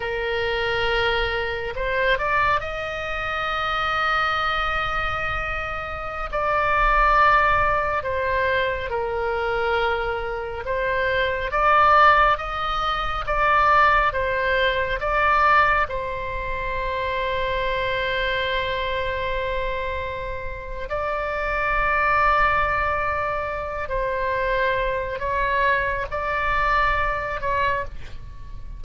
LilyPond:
\new Staff \with { instrumentName = "oboe" } { \time 4/4 \tempo 4 = 69 ais'2 c''8 d''8 dis''4~ | dis''2.~ dis''16 d''8.~ | d''4~ d''16 c''4 ais'4.~ ais'16~ | ais'16 c''4 d''4 dis''4 d''8.~ |
d''16 c''4 d''4 c''4.~ c''16~ | c''1 | d''2.~ d''8 c''8~ | c''4 cis''4 d''4. cis''8 | }